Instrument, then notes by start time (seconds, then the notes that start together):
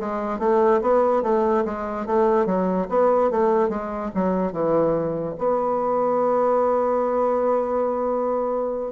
bassoon
0.00 G#3
0.39 A3
0.81 B3
1.23 A3
1.65 G#3
2.06 A3
2.46 F#3
2.89 B3
3.31 A3
3.69 G#3
4.14 F#3
4.52 E3
5.38 B3